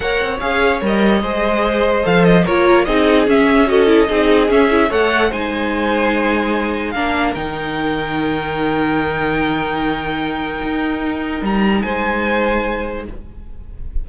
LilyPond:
<<
  \new Staff \with { instrumentName = "violin" } { \time 4/4 \tempo 4 = 147 fis''4 f''4 dis''2~ | dis''4 f''8 dis''8 cis''4 dis''4 | e''4 dis''2 e''4 | fis''4 gis''2.~ |
gis''4 f''4 g''2~ | g''1~ | g''1 | ais''4 gis''2. | }
  \new Staff \with { instrumentName = "violin" } { \time 4/4 cis''2. c''4~ | c''2 ais'4 gis'4~ | gis'4 a'4 gis'2 | cis''4 c''2.~ |
c''4 ais'2.~ | ais'1~ | ais'1~ | ais'4 c''2. | }
  \new Staff \with { instrumentName = "viola" } { \time 4/4 ais'4 gis'4 ais'4 gis'4~ | gis'4 a'4 f'4 dis'4 | cis'4 fis'8 e'8 dis'4 cis'8 e'8 | a'4 dis'2.~ |
dis'4 d'4 dis'2~ | dis'1~ | dis'1~ | dis'1 | }
  \new Staff \with { instrumentName = "cello" } { \time 4/4 ais8 c'8 cis'4 g4 gis4~ | gis4 f4 ais4 c'4 | cis'2 c'4 cis'4 | a4 gis2.~ |
gis4 ais4 dis2~ | dis1~ | dis2 dis'2 | g4 gis2. | }
>>